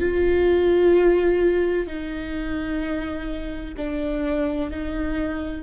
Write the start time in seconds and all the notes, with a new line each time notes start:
0.00 F4
1.87 D#4
3.77 D4
4.70 D#4